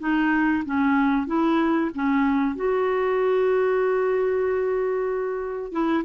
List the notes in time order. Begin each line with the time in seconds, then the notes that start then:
0.00 D#4
0.66 C#4
1.27 E4
1.95 C#4
2.56 F#4
5.72 E4